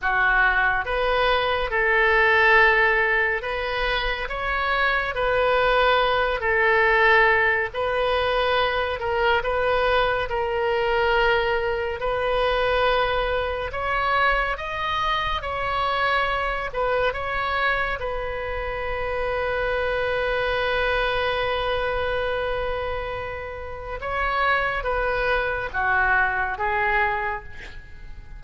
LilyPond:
\new Staff \with { instrumentName = "oboe" } { \time 4/4 \tempo 4 = 70 fis'4 b'4 a'2 | b'4 cis''4 b'4. a'8~ | a'4 b'4. ais'8 b'4 | ais'2 b'2 |
cis''4 dis''4 cis''4. b'8 | cis''4 b'2.~ | b'1 | cis''4 b'4 fis'4 gis'4 | }